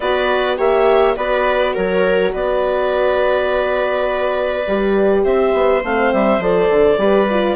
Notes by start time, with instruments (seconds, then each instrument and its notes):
0.00 bassoon B3, horn F#4, viola B4, clarinet D5
0.57 bassoon A#3, horn G4, viola C#5, clarinet E5
1.16 bassoon B3, horn F#4, viola B4, clarinet D5
1.73 bassoon F#3, viola A#4, clarinet C#5
2.32 bassoon B3, viola B4, clarinet D5
4.67 bassoon G3, horn G4
5.24 bassoon C4, viola C5, clarinet E5
5.53 bassoon B3
5.83 bassoon A3, horn C4, clarinet F5
6.13 bassoon G3, clarinet E5
6.39 bassoon F3, horn A4, clarinet D5
6.70 bassoon D3
6.97 bassoon G3, horn G4, viola B4
7.29 horn F4